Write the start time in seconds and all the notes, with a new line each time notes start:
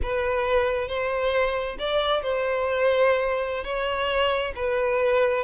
0.02 B4
0.88 C5
1.78 D5
2.22 C5
3.64 C#5
4.55 B4